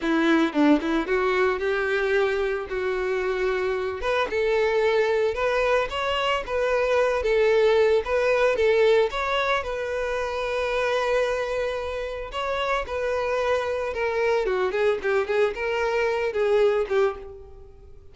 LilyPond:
\new Staff \with { instrumentName = "violin" } { \time 4/4 \tempo 4 = 112 e'4 d'8 e'8 fis'4 g'4~ | g'4 fis'2~ fis'8 b'8 | a'2 b'4 cis''4 | b'4. a'4. b'4 |
a'4 cis''4 b'2~ | b'2. cis''4 | b'2 ais'4 fis'8 gis'8 | g'8 gis'8 ais'4. gis'4 g'8 | }